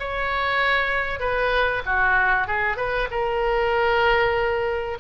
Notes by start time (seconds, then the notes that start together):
0.00 C#5
1.20 B4
1.86 F#4
2.47 G#4
2.77 B4
3.11 A#4